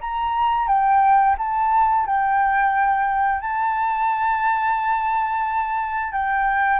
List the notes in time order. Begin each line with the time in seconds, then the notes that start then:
0.00 A#5
0.67 G5
1.38 A5
2.05 G5
3.40 A5
6.12 G5